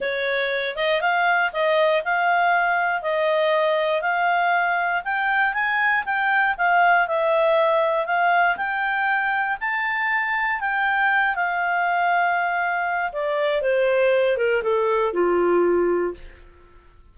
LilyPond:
\new Staff \with { instrumentName = "clarinet" } { \time 4/4 \tempo 4 = 119 cis''4. dis''8 f''4 dis''4 | f''2 dis''2 | f''2 g''4 gis''4 | g''4 f''4 e''2 |
f''4 g''2 a''4~ | a''4 g''4. f''4.~ | f''2 d''4 c''4~ | c''8 ais'8 a'4 f'2 | }